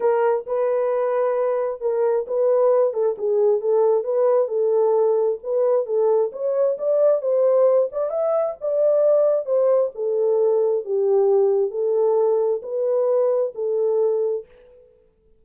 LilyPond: \new Staff \with { instrumentName = "horn" } { \time 4/4 \tempo 4 = 133 ais'4 b'2. | ais'4 b'4. a'8 gis'4 | a'4 b'4 a'2 | b'4 a'4 cis''4 d''4 |
c''4. d''8 e''4 d''4~ | d''4 c''4 a'2 | g'2 a'2 | b'2 a'2 | }